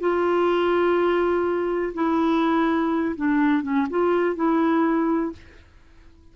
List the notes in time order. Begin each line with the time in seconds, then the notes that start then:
0.00 F4
1.94 E4
3.16 D4
3.63 C#4
3.90 F4
4.36 E4